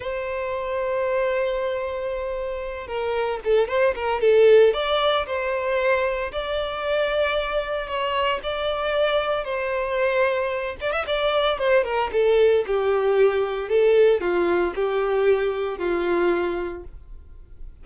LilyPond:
\new Staff \with { instrumentName = "violin" } { \time 4/4 \tempo 4 = 114 c''1~ | c''4. ais'4 a'8 c''8 ais'8 | a'4 d''4 c''2 | d''2. cis''4 |
d''2 c''2~ | c''8 d''16 e''16 d''4 c''8 ais'8 a'4 | g'2 a'4 f'4 | g'2 f'2 | }